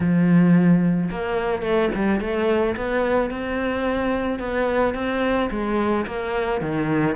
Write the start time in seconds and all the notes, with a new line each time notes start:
0.00 F3
1.10 A#3
1.62 A3
1.94 G3
2.20 A3
2.76 B3
3.30 C4
4.39 B3
4.94 C4
5.50 G#3
6.06 A#3
6.61 D#3